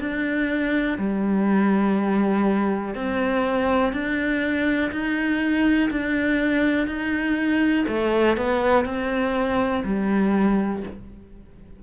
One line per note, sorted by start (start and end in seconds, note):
0.00 0.98 D4
0.99 2.95 G3
2.95 3.93 C4
3.93 4.92 D4
4.92 5.91 D#4
5.91 6.88 D4
6.88 7.86 D#4
7.88 8.37 A3
8.37 8.86 B3
8.86 9.84 C4
9.85 10.83 G3